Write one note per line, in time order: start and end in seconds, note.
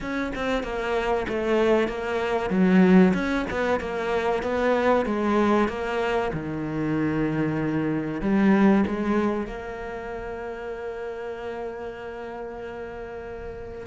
0.00 0.32 C#4
0.35 0.63 C4
0.63 1.26 A#3
1.28 1.87 A3
1.87 2.49 A#3
2.49 3.13 F#3
3.14 3.45 C#4
3.50 3.80 B3
3.80 4.42 A#3
4.42 5.05 B3
5.05 5.68 G#3
5.68 6.31 A#3
6.33 8.21 D#3
8.21 8.84 G3
8.86 9.46 G#3
9.46 13.86 A#3